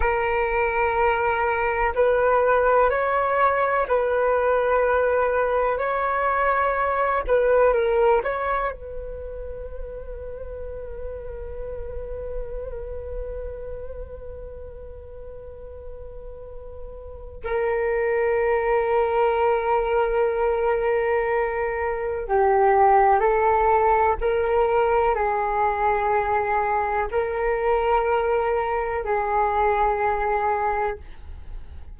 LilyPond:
\new Staff \with { instrumentName = "flute" } { \time 4/4 \tempo 4 = 62 ais'2 b'4 cis''4 | b'2 cis''4. b'8 | ais'8 cis''8 b'2.~ | b'1~ |
b'2 ais'2~ | ais'2. g'4 | a'4 ais'4 gis'2 | ais'2 gis'2 | }